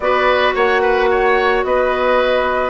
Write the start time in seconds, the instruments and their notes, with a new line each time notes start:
0.00 bassoon B3, clarinet F#4, oboe B4, flute D5
0.54 bassoon A#3, oboe C#5, flute F#5
0.81 oboe B4
1.10 oboe C#5
1.64 bassoon B3, oboe B4, flute D#5